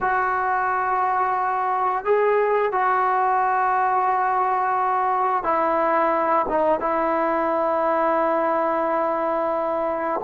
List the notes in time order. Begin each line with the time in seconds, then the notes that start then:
0.01 F#4
2.05 G#4
2.71 F#4
5.43 E4
6.48 D#4
6.79 E4